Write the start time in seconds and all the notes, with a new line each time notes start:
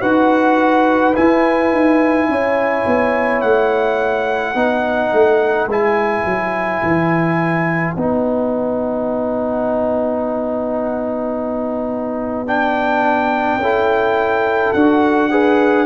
0.00 D#4 F#4 B4 F#5
1.15 E4 G#5
1.72 D#4
2.28 C#4 C#5
2.86 B3
3.41 A3 F#5
4.53 B3 D#4 B4
5.12 A3
5.67 G#3 E4 G#5
6.25 F#3
6.82 E3
7.94 B3 D#4 F#5
12.46 D4 G5
13.57 C#4 E4 A4
14.73 D4 F#4 F#5
15.30 G#4 B4